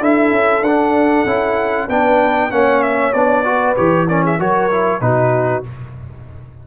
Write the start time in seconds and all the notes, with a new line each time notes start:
0.00 D4 E4 A4 E5
0.31 C#4
0.61 D4 F#5
1.25 C#4 E4
1.89 B3 D4 B4 G5
2.50 A#3 C#4 C#5 F#5
2.82 E5
3.13 B3 D4 D5
3.44 F#4 B4
3.76 E3 G4 C#5
4.07 C#4 A#4 D5
4.23 G#4 E5
4.39 F#3 F#4 A#4 C#5
4.71 E4
5.01 B2 D#4 F#4 B4